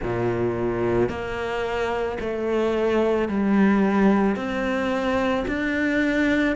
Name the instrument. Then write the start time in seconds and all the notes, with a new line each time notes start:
cello
0.02 A#2
1.09 A#3
2.20 A3
3.28 G3
4.35 C4
5.47 D4